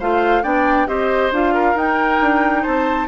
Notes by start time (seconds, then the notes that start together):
0.00 A3 F4 C5 F5
0.43 B3 D4 D5 G5
0.87 C4 G4 C5 D#5
1.32 D4 F4 F5
1.54 A#4
1.75 D#4 G5
2.21 D4
2.63 C4 C5 A5